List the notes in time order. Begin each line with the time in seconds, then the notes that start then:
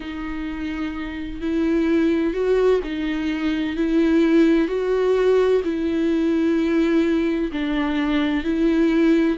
0.00 D#4
1.41 E4
2.33 F#4
2.83 D#4
3.76 E4
4.68 F#4
5.63 E4
7.52 D4
8.44 E4